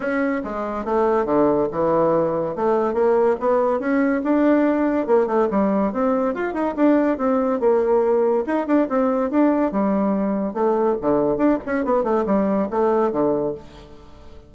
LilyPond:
\new Staff \with { instrumentName = "bassoon" } { \time 4/4 \tempo 4 = 142 cis'4 gis4 a4 d4 | e2 a4 ais4 | b4 cis'4 d'2 | ais8 a8 g4 c'4 f'8 dis'8 |
d'4 c'4 ais2 | dis'8 d'8 c'4 d'4 g4~ | g4 a4 d4 d'8 cis'8 | b8 a8 g4 a4 d4 | }